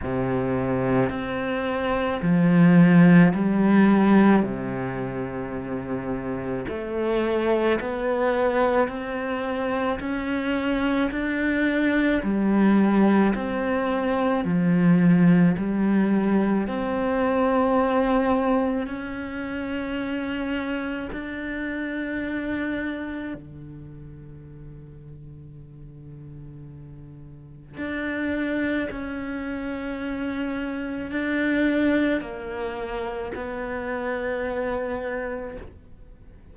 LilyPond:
\new Staff \with { instrumentName = "cello" } { \time 4/4 \tempo 4 = 54 c4 c'4 f4 g4 | c2 a4 b4 | c'4 cis'4 d'4 g4 | c'4 f4 g4 c'4~ |
c'4 cis'2 d'4~ | d'4 d2.~ | d4 d'4 cis'2 | d'4 ais4 b2 | }